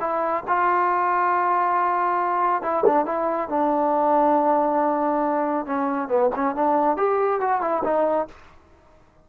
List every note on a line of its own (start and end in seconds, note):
0.00 0.43 E4
0.47 2.62 F4
2.62 2.84 E4
2.86 3.06 D4
3.06 3.49 E4
3.49 5.66 D4
5.66 6.08 C#4
6.08 6.30 B3
6.36 6.55 C#4
6.55 6.97 D4
6.97 7.40 G4
7.40 7.61 F#4
7.61 7.83 E4
7.84 8.28 D#4